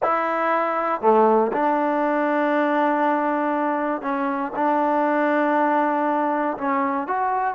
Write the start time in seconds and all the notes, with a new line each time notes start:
0.03 E4
1.01 A3
1.52 D4
4.01 C#4
4.55 D4
6.57 C#4
7.07 F#4